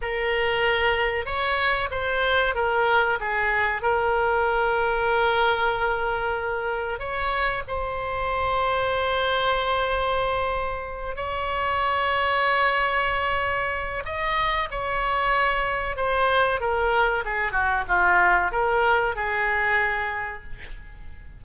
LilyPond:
\new Staff \with { instrumentName = "oboe" } { \time 4/4 \tempo 4 = 94 ais'2 cis''4 c''4 | ais'4 gis'4 ais'2~ | ais'2. cis''4 | c''1~ |
c''4. cis''2~ cis''8~ | cis''2 dis''4 cis''4~ | cis''4 c''4 ais'4 gis'8 fis'8 | f'4 ais'4 gis'2 | }